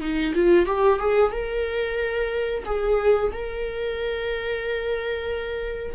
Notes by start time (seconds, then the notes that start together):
0.00 D#4
0.34 F4
0.66 G4
0.99 G#4
1.31 A#4
2.65 G#4
3.32 A#4